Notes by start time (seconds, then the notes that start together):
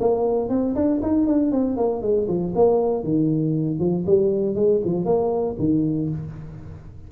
0.00 A#3
0.49 C4
0.75 D4
1.02 D#4
1.26 D4
1.51 C4
1.77 A#3
2.02 G#3
2.28 F3
2.55 A#3
3.03 D#3
3.79 F3
4.06 G3
4.55 G#3
4.85 F3
5.05 A#3
5.59 D#3